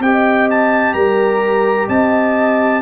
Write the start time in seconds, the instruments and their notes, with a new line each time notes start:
0.00 tuba C4, trombone G4, horn D#5, trumpet G5
0.51 trumpet A5
0.94 tuba G3, horn A#4, trumpet A#5
1.88 tuba C4, horn D#5, trumpet A5